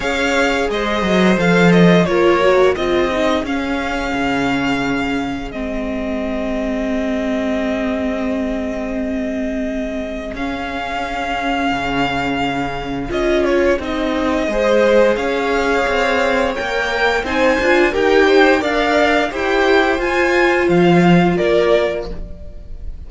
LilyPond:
<<
  \new Staff \with { instrumentName = "violin" } { \time 4/4 \tempo 4 = 87 f''4 dis''4 f''8 dis''8 cis''4 | dis''4 f''2. | dis''1~ | dis''2. f''4~ |
f''2. dis''8 cis''8 | dis''2 f''2 | g''4 gis''4 g''4 f''4 | g''4 gis''4 f''4 d''4 | }
  \new Staff \with { instrumentName = "violin" } { \time 4/4 cis''4 c''2 ais'4 | gis'1~ | gis'1~ | gis'1~ |
gis'1~ | gis'4 c''4 cis''2~ | cis''4 c''4 ais'8 c''8 d''4 | c''2. ais'4 | }
  \new Staff \with { instrumentName = "viola" } { \time 4/4 gis'2 a'4 f'8 fis'8 | f'8 dis'8 cis'2. | c'1~ | c'2. cis'4~ |
cis'2. f'4 | dis'4 gis'2. | ais'4 dis'8 f'8 g'4 ais'4 | g'4 f'2. | }
  \new Staff \with { instrumentName = "cello" } { \time 4/4 cis'4 gis8 fis8 f4 ais4 | c'4 cis'4 cis2 | gis1~ | gis2. cis'4~ |
cis'4 cis2 cis'4 | c'4 gis4 cis'4 c'4 | ais4 c'8 d'8 dis'4 d'4 | e'4 f'4 f4 ais4 | }
>>